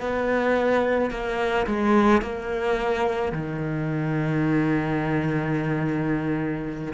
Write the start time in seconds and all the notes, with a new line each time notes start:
0.00 B3
1.10 A#3
1.66 G#3
2.21 A#3
3.32 D#3